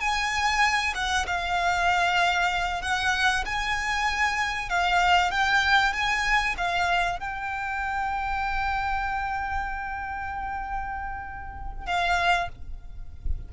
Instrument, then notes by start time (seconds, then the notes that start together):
violin
0.00 G#5
0.95 F#5
1.27 F5
2.82 F#5
3.45 G#5
4.69 F5
5.31 G5
5.93 G#5
6.57 F5
7.20 G5
11.86 F5